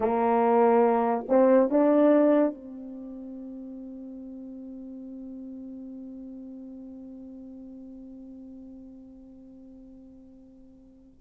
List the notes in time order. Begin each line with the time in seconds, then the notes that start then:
0.00 A#3
1.28 C4
1.69 D4
2.54 C4